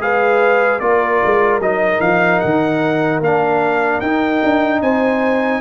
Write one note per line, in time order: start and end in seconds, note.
0.00 0.80 G#3
0.00 0.80 G#4
0.00 0.82 B4
0.00 0.80 F5
0.80 1.21 A#3
0.80 1.62 F4
0.80 4.83 A#4
0.80 1.60 D5
1.25 1.60 G#3
1.60 2.00 F#3
1.60 3.23 D#4
1.60 2.01 D#5
2.01 2.41 F3
2.01 2.40 F5
2.40 3.21 D#3
2.40 3.20 F#5
3.21 4.01 A#3
3.21 4.04 D4
3.21 4.01 F5
4.01 4.43 D#4
4.01 5.61 D#4
4.01 4.81 G5
4.44 4.82 D4
4.82 5.61 C4
4.82 5.61 C5
4.82 5.61 G#5